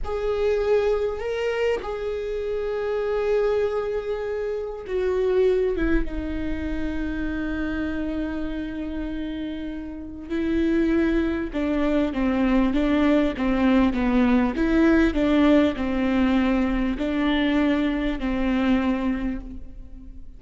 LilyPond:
\new Staff \with { instrumentName = "viola" } { \time 4/4 \tempo 4 = 99 gis'2 ais'4 gis'4~ | gis'1 | fis'4. e'8 dis'2~ | dis'1~ |
dis'4 e'2 d'4 | c'4 d'4 c'4 b4 | e'4 d'4 c'2 | d'2 c'2 | }